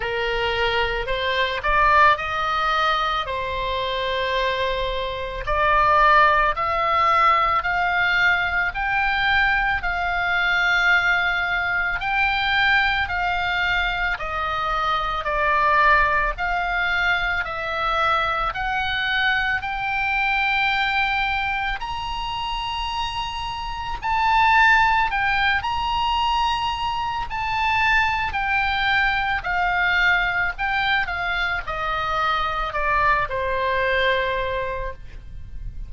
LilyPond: \new Staff \with { instrumentName = "oboe" } { \time 4/4 \tempo 4 = 55 ais'4 c''8 d''8 dis''4 c''4~ | c''4 d''4 e''4 f''4 | g''4 f''2 g''4 | f''4 dis''4 d''4 f''4 |
e''4 fis''4 g''2 | ais''2 a''4 g''8 ais''8~ | ais''4 a''4 g''4 f''4 | g''8 f''8 dis''4 d''8 c''4. | }